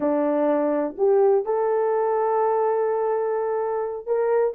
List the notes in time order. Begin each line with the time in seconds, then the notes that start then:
0.00 D4
0.97 G4
1.45 A4
4.06 A#4